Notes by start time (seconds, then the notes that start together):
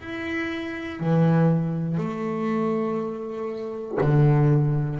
0.00 E4
1.00 E3
1.98 A3
4.01 D3